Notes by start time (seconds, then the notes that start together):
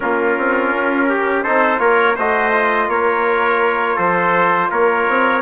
0.00 A#3 C#4 F4 A#4
0.38 C4
0.72 C#4
1.09 G4
1.43 C4 D#4 A4 C5
1.77 A#3 F4 A#4 C#5
2.15 A3 F#4 C5 D#5
2.52 F4
2.87 A#3 A#4 C#5
3.95 F3 A4 C5
4.70 A#3 A#4 C#5
5.08 C4